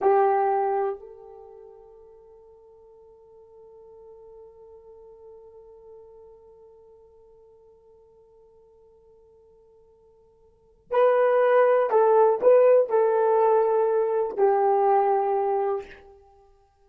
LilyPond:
\new Staff \with { instrumentName = "horn" } { \time 4/4 \tempo 4 = 121 g'2 a'2~ | a'1~ | a'1~ | a'1~ |
a'1~ | a'2 b'2 | a'4 b'4 a'2~ | a'4 g'2. | }